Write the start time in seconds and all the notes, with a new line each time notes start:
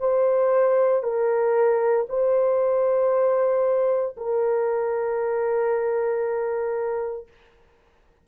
0.00 C5
1.03 A#4
2.09 C5
4.18 A#4